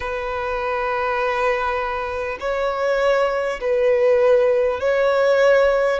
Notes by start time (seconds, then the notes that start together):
0.00 B4
2.39 C#5
3.61 B4
4.79 C#5